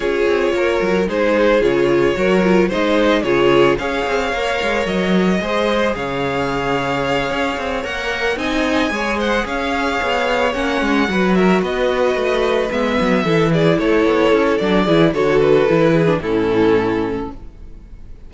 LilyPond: <<
  \new Staff \with { instrumentName = "violin" } { \time 4/4 \tempo 4 = 111 cis''2 c''4 cis''4~ | cis''4 dis''4 cis''4 f''4~ | f''4 dis''2 f''4~ | f''2~ f''8 fis''4 gis''8~ |
gis''4 fis''8 f''2 fis''8~ | fis''4 e''8 dis''2 e''8~ | e''4 d''8 cis''4. d''4 | cis''8 b'4. a'2 | }
  \new Staff \with { instrumentName = "violin" } { \time 4/4 gis'4 ais'4 gis'2 | ais'4 c''4 gis'4 cis''4~ | cis''2 c''4 cis''4~ | cis''2.~ cis''8 dis''8~ |
dis''8 cis''8 c''8 cis''2~ cis''8~ | cis''8 b'8 ais'8 b'2~ b'8~ | b'8 a'8 gis'8 a'2 gis'8 | a'4. gis'8 e'2 | }
  \new Staff \with { instrumentName = "viola" } { \time 4/4 f'2 dis'4 f'4 | fis'8 f'8 dis'4 f'4 gis'4 | ais'2 gis'2~ | gis'2~ gis'8 ais'4 dis'8~ |
dis'8 gis'2. cis'8~ | cis'8 fis'2. b8~ | b8 e'2~ e'8 d'8 e'8 | fis'4 e'8. d'16 cis'2 | }
  \new Staff \with { instrumentName = "cello" } { \time 4/4 cis'8 c'8 ais8 fis8 gis4 cis4 | fis4 gis4 cis4 cis'8 c'8 | ais8 gis8 fis4 gis4 cis4~ | cis4. cis'8 c'8 ais4 c'8~ |
c'8 gis4 cis'4 b4 ais8 | gis8 fis4 b4 a4 gis8 | fis8 e4 a8 b8 cis'8 fis8 e8 | d4 e4 a,2 | }
>>